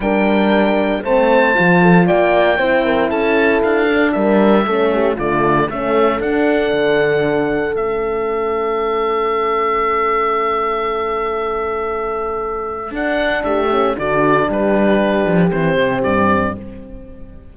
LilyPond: <<
  \new Staff \with { instrumentName = "oboe" } { \time 4/4 \tempo 4 = 116 g''2 a''2 | g''2 a''4 f''4 | e''2 d''4 e''4 | fis''2. e''4~ |
e''1~ | e''1~ | e''4 fis''4 e''4 d''4 | b'2 c''4 d''4 | }
  \new Staff \with { instrumentName = "horn" } { \time 4/4 ais'2 c''4. a'8 | d''4 c''8 ais'8 a'2 | ais'4 a'8 g'8 f'4 a'4~ | a'1~ |
a'1~ | a'1~ | a'2 g'4 fis'4 | g'1 | }
  \new Staff \with { instrumentName = "horn" } { \time 4/4 d'2 c'4 f'4~ | f'4 e'2~ e'8 d'8~ | d'4 cis'4 a4 cis'4 | d'2. cis'4~ |
cis'1~ | cis'1~ | cis'4 d'4. cis'8 d'4~ | d'2 c'2 | }
  \new Staff \with { instrumentName = "cello" } { \time 4/4 g2 a4 f4 | ais4 c'4 cis'4 d'4 | g4 a4 d4 a4 | d'4 d2 a4~ |
a1~ | a1~ | a4 d'4 a4 d4 | g4. f8 e8 c8 g,4 | }
>>